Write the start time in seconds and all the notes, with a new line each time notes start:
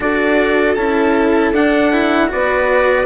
0.00 D4 F#4 A4 D5
0.75 C#4 E4 A5
1.52 D4 F#5
1.92 E4
2.28 B3 F#4 B4 D5